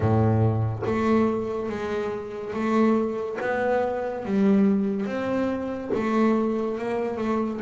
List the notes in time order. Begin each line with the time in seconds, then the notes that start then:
0.00 A2
0.86 A3
1.69 G#3
2.53 A3
3.40 B3
4.25 G3
5.06 C4
5.93 A3
6.78 A#3
7.17 A3